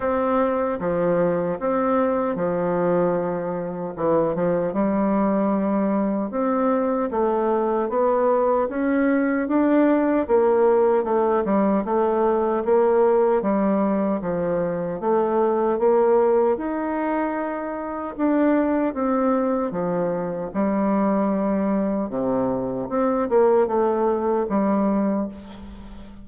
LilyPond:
\new Staff \with { instrumentName = "bassoon" } { \time 4/4 \tempo 4 = 76 c'4 f4 c'4 f4~ | f4 e8 f8 g2 | c'4 a4 b4 cis'4 | d'4 ais4 a8 g8 a4 |
ais4 g4 f4 a4 | ais4 dis'2 d'4 | c'4 f4 g2 | c4 c'8 ais8 a4 g4 | }